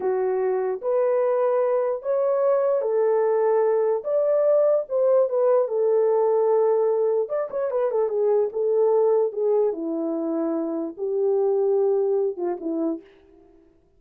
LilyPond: \new Staff \with { instrumentName = "horn" } { \time 4/4 \tempo 4 = 148 fis'2 b'2~ | b'4 cis''2 a'4~ | a'2 d''2 | c''4 b'4 a'2~ |
a'2 d''8 cis''8 b'8 a'8 | gis'4 a'2 gis'4 | e'2. g'4~ | g'2~ g'8 f'8 e'4 | }